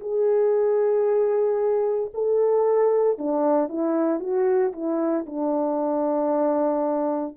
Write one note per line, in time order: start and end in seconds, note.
0.00 2.11 G#4
2.14 3.18 A4
3.18 3.68 D4
3.68 4.20 E4
4.20 4.72 F#4
4.73 5.25 E4
5.26 7.36 D4